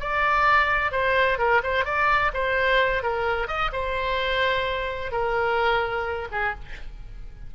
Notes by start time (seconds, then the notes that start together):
0.00 D5
0.92 C5
1.38 A#4
1.63 C5
1.85 D5
2.34 C5
3.03 A#4
3.48 D#5
3.72 C5
5.11 A#4
6.31 G#4